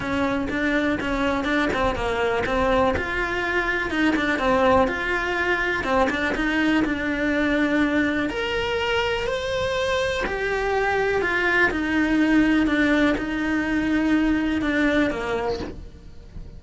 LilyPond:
\new Staff \with { instrumentName = "cello" } { \time 4/4 \tempo 4 = 123 cis'4 d'4 cis'4 d'8 c'8 | ais4 c'4 f'2 | dis'8 d'8 c'4 f'2 | c'8 d'8 dis'4 d'2~ |
d'4 ais'2 c''4~ | c''4 g'2 f'4 | dis'2 d'4 dis'4~ | dis'2 d'4 ais4 | }